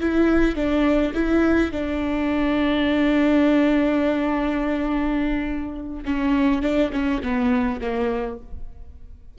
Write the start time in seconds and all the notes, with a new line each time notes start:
0.00 E4
0.56 D4
1.14 E4
1.72 D4
6.05 C#4
6.62 D4
6.93 C#4
7.23 B3
7.81 A#3